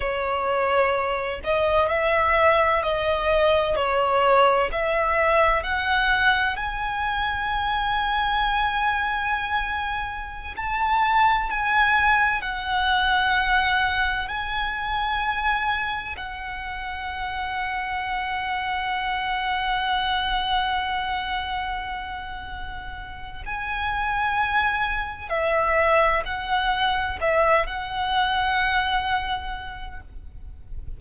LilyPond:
\new Staff \with { instrumentName = "violin" } { \time 4/4 \tempo 4 = 64 cis''4. dis''8 e''4 dis''4 | cis''4 e''4 fis''4 gis''4~ | gis''2.~ gis''16 a''8.~ | a''16 gis''4 fis''2 gis''8.~ |
gis''4~ gis''16 fis''2~ fis''8.~ | fis''1~ | fis''4 gis''2 e''4 | fis''4 e''8 fis''2~ fis''8 | }